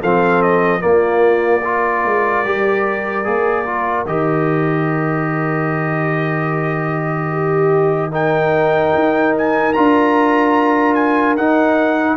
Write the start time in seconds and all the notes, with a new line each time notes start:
0.00 F3 C4 A4 F5
0.42 D#5
0.80 A#3 F4 D5
1.62 F4 A#4
2.04 G#3
2.44 G3 G4
3.24 A#3 G#4
3.65 F4
4.06 D#3 G4 D#5
7.30 G4
8.11 D#4 A#4 G5
8.94 D#4
9.37 G#5
9.72 D4 F4 A#5
10.94 G#5
11.36 D#4 F#5